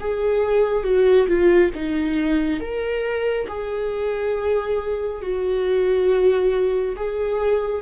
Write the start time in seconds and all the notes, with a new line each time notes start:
0.00 G#4
0.83 F#4
1.27 F4
1.75 D#4
2.60 A#4
3.48 G#4
5.21 F#4
6.96 G#4